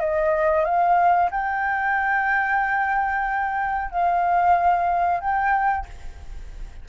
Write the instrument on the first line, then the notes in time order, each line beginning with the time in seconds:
flute
0.00 D#5
0.65 F5
1.31 G5
3.91 F5
5.21 G5